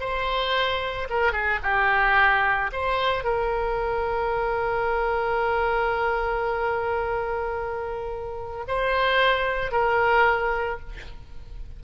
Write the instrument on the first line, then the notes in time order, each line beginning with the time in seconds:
oboe
0.00 C5
1.10 A#4
1.32 G#4
1.63 G4
2.72 C5
3.24 A#4
8.68 C5
9.71 A#4